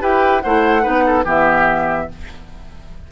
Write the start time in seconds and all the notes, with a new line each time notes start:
0.00 E4 G4 B4 G5
0.41 A3 E4 C5 F#5
0.82 B3 D#4 B4
1.06 A4
1.24 E3 B3 G4 E5